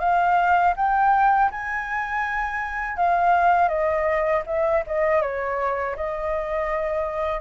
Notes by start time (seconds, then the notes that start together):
0.00 F5
0.77 G5
1.52 G#5
2.97 F5
3.68 D#5
4.46 E5
4.87 D#5
5.22 C#5
5.96 D#5